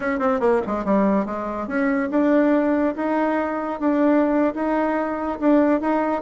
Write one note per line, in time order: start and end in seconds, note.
0.00 0.19 C#4
0.19 0.40 C4
0.40 0.61 A#3
0.66 0.84 G#3
0.84 1.25 G3
1.25 1.67 G#3
1.67 2.09 C#4
2.10 2.95 D4
2.95 3.80 D#4
3.80 4.54 D4
4.54 5.39 D#4
5.40 5.80 D4
5.80 6.22 D#4